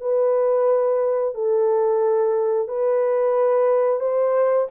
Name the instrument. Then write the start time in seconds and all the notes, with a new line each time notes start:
horn
0.00 B4
1.34 A4
2.68 B4
4.00 C5